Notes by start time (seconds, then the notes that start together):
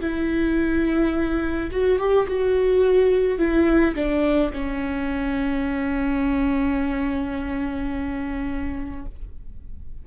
0.00 E4
1.71 F#4
1.98 G4
2.27 F#4
3.38 E4
3.95 D4
4.52 C#4